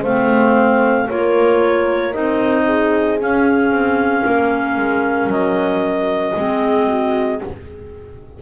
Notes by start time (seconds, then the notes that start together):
0.00 A3 C4 C5 F5
1.09 A#3 F4 A#4 C#5
2.13 C4 D#4 D#5
2.65 G#4
3.19 C#4 F5
3.71 C4
4.26 A#3 A#4
4.78 G#3
5.27 F#3 D#5
6.36 G#3 C4 G#4
6.87 F#4